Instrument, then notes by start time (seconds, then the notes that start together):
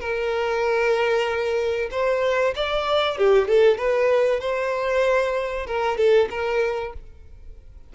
violin
0.00 A#4
1.91 C5
2.56 D5
3.18 G4
3.48 A4
3.78 B4
4.40 C5
5.67 A#4
5.97 A4
6.30 A#4